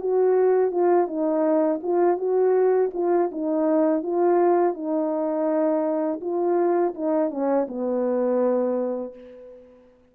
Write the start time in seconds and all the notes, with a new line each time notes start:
0.00 F#4
0.71 F4
1.07 D#4
1.83 F4
2.18 F#4
2.94 F4
3.32 D#4
4.03 F4
4.74 D#4
6.21 F4
6.94 D#4
7.30 C#4
7.68 B3